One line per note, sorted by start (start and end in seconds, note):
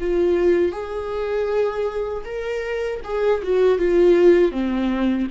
0.00 0.72 F4
0.72 2.24 G#4
2.25 3.01 A#4
3.04 3.42 G#4
3.43 3.78 F#4
3.78 4.52 F4
4.52 5.28 C4